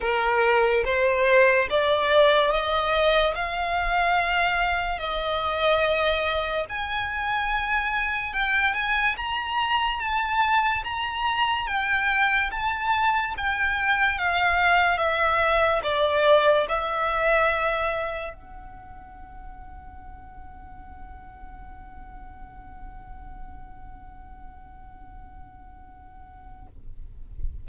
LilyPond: \new Staff \with { instrumentName = "violin" } { \time 4/4 \tempo 4 = 72 ais'4 c''4 d''4 dis''4 | f''2 dis''2 | gis''2 g''8 gis''8 ais''4 | a''4 ais''4 g''4 a''4 |
g''4 f''4 e''4 d''4 | e''2 fis''2~ | fis''1~ | fis''1 | }